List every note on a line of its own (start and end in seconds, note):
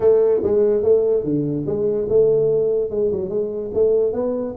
0.00 0.41 A3
0.43 0.82 G#3
0.82 1.23 A3
1.23 1.65 D3
1.66 2.07 G#3
2.09 2.90 A3
2.90 3.11 G#3
3.11 3.29 F#3
3.29 3.70 G#3
3.74 4.12 A3
4.12 4.54 B3